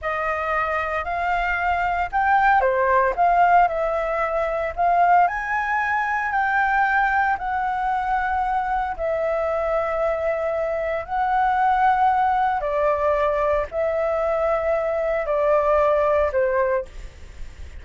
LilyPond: \new Staff \with { instrumentName = "flute" } { \time 4/4 \tempo 4 = 114 dis''2 f''2 | g''4 c''4 f''4 e''4~ | e''4 f''4 gis''2 | g''2 fis''2~ |
fis''4 e''2.~ | e''4 fis''2. | d''2 e''2~ | e''4 d''2 c''4 | }